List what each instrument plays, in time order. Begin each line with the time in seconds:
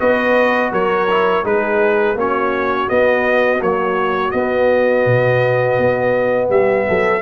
0.00 tuba B3, trombone F#4, horn B4, trumpet D#5
0.72 tuba F#3, horn A#4, trumpet C#5
1.11 trombone E4
1.44 tuba G#3, trombone D#4, horn G#4, trumpet B4
2.15 tuba A#3, trombone C#4, horn F#4, trumpet C#5
2.88 trombone B3, tuba B3, trumpet D#5
3.61 trombone F#3, tuba A#3, trumpet C#5
4.31 trombone B3, tuba B3, trumpet D#5
5.06 tuba B2
5.78 tuba B3
6.50 tuba G3, horn G4, trumpet E5
6.89 tuba F#3, horn A4